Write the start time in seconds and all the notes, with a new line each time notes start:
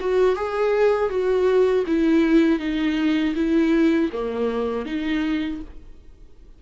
0.00 F#4
0.35 G#4
1.09 F#4
1.87 E4
2.59 D#4
3.35 E4
4.12 A#3
4.85 D#4